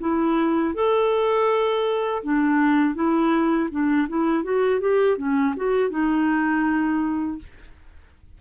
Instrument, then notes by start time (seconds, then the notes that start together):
clarinet
0.00 E4
0.74 A4
2.23 D4
2.95 E4
3.71 D4
4.08 E4
4.44 F#4
4.80 G4
5.18 C#4
5.57 F#4
5.90 D#4